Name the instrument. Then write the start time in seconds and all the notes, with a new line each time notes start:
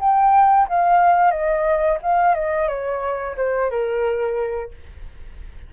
flute
0.00 G5
0.69 F5
1.31 D#5
2.02 F5
2.35 D#5
2.68 C#5
3.37 C5
3.70 A#4